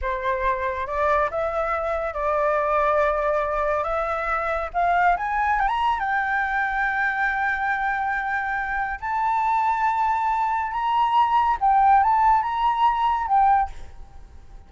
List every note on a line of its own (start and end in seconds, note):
0.01 0.86 C5
0.86 1.29 D5
1.30 2.13 E5
2.13 3.83 D5
3.83 4.69 E5
4.73 5.16 F5
5.16 5.59 G#5
5.59 5.67 G5
5.67 5.99 A#5
5.99 8.99 G5
9.00 10.71 A5
10.71 11.57 A#5
11.60 12.03 G5
12.03 12.42 A5
12.42 13.27 A#5
13.27 13.70 G5